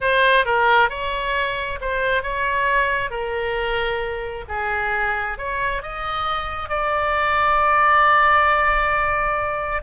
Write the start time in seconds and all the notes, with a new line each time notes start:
0.00 C5
0.45 A#4
0.89 C#5
1.80 C5
2.22 C#5
3.10 A#4
4.48 G#4
5.37 C#5
5.82 D#5
6.69 D5